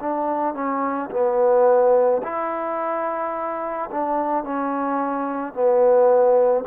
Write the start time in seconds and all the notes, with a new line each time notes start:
0.00 D4
0.55 C#4
1.11 B3
2.23 E4
3.91 D4
4.44 C#4
5.54 B3